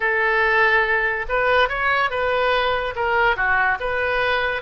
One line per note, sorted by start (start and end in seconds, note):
0.00 1.25 A4
1.28 1.68 B4
1.68 2.10 C#5
2.10 2.94 B4
2.95 3.36 A#4
3.36 3.78 F#4
3.80 4.62 B4